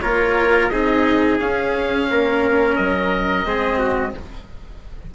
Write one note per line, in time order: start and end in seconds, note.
0.00 0.71 A#3
0.00 0.70 F4
0.00 0.72 A#4
0.00 0.68 C#5
0.68 1.39 C4
0.68 1.39 D#4
0.68 2.10 G#4
0.68 1.37 D#5
1.39 3.45 C#4
1.39 2.08 C#4
1.39 2.75 F5
2.09 2.78 A#3
2.09 3.47 A#4
2.75 3.44 F#3
2.75 4.13 D#5
3.44 4.13 G#3
3.44 4.14 C4
3.44 3.78 G#4
3.78 4.12 F#4